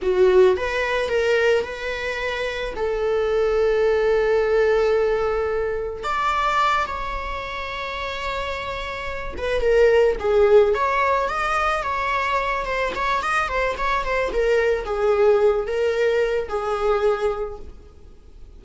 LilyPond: \new Staff \with { instrumentName = "viola" } { \time 4/4 \tempo 4 = 109 fis'4 b'4 ais'4 b'4~ | b'4 a'2.~ | a'2. d''4~ | d''8 cis''2.~ cis''8~ |
cis''4 b'8 ais'4 gis'4 cis''8~ | cis''8 dis''4 cis''4. c''8 cis''8 | dis''8 c''8 cis''8 c''8 ais'4 gis'4~ | gis'8 ais'4. gis'2 | }